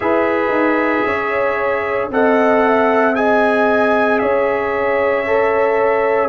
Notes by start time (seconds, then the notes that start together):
0.00 E4 G#4 B4 E5
0.48 D#4
1.04 C#4 C#5
2.10 C4 A4 D#5 F#5
2.66 E5
3.14 G#4 D#5 G#5
4.18 C#4 C#5 E5
5.27 A4